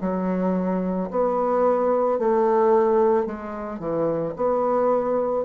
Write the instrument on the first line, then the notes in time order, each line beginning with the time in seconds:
bassoon
0.00 F#3
1.10 B3
2.19 A3
3.26 G#3
3.79 E3
4.36 B3